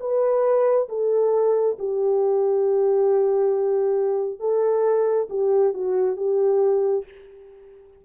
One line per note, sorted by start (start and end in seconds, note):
0.00 0.88 B4
0.89 1.77 A4
1.79 4.40 G4
4.40 5.28 A4
5.29 5.74 G4
5.74 6.16 F#4
6.16 7.05 G4